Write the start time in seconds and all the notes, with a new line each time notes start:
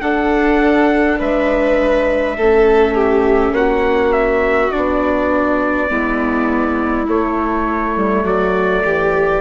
0.00 D4 A4 F#5
1.19 G#3 B4 E5
2.37 A3 C#4 A4
2.95 G4
3.51 A#3 F#4 F#5
4.12 E5
4.71 B3 D4 D5
5.88 G#3 B3 E4
7.07 A3 C#5
7.96 G3
8.24 F#3 F#4 D5
8.85 E3 G4